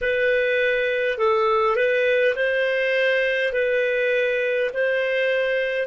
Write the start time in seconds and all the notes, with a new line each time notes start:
0.01 B4
1.18 A4
1.76 B4
2.35 C5
3.52 B4
4.73 C5